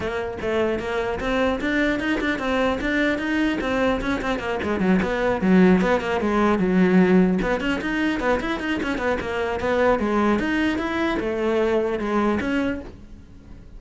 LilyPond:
\new Staff \with { instrumentName = "cello" } { \time 4/4 \tempo 4 = 150 ais4 a4 ais4 c'4 | d'4 dis'8 d'8 c'4 d'4 | dis'4 c'4 cis'8 c'8 ais8 gis8 | fis8 b4 fis4 b8 ais8 gis8~ |
gis8 fis2 b8 cis'8 dis'8~ | dis'8 b8 e'8 dis'8 cis'8 b8 ais4 | b4 gis4 dis'4 e'4 | a2 gis4 cis'4 | }